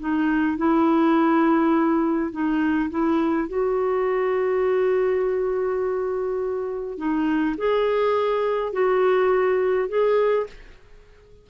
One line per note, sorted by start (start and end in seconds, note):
0.00 0.58 D#4
0.58 2.32 E4
2.32 2.90 D#4
2.90 3.48 E4
3.48 6.98 F#4
6.98 7.56 D#4
7.58 8.73 G#4
8.73 9.89 F#4
9.89 10.47 G#4